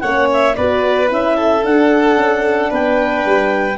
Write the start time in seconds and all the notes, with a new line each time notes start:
0.00 A#3 C#4 C#5 F#5
0.32 E5
0.55 B3 F#4 B4 D5
1.07 C#4 E4 E5
1.36 A4
1.62 D4 F#5
2.17 C#4
2.70 B3 B4 G5
3.25 G3